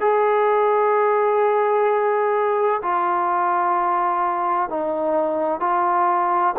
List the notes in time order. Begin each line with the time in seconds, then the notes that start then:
0.00 G#4
2.83 F4
4.69 D#4
5.60 F4